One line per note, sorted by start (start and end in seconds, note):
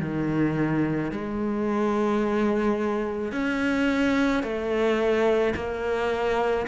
0.00 1.11 D#3
1.12 3.32 G#3
3.32 4.43 C#4
4.43 5.55 A3
5.56 6.67 A#3